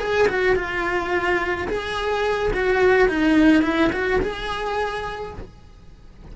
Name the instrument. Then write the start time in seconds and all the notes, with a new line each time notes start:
cello
0.00 G#4
0.29 F#4
0.56 F4
1.68 G#4
2.54 F#4
3.09 D#4
3.63 E4
3.93 F#4
4.22 G#4